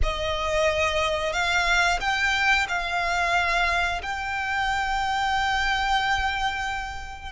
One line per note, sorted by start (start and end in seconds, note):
0.02 1.32 D#5
1.32 1.99 F5
2.00 2.67 G5
2.68 4.01 F5
4.02 7.32 G5